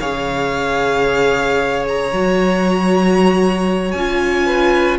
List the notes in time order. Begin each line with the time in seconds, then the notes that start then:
0.00 C#3 G#4 C#5 F5
1.88 A#5
2.12 F#3 F#4
3.92 C#4 F4 G#5
4.46 B4